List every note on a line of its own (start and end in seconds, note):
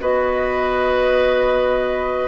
0.00 2.28 B3
0.00 2.28 F#4
0.00 2.28 B4
0.00 2.28 D#5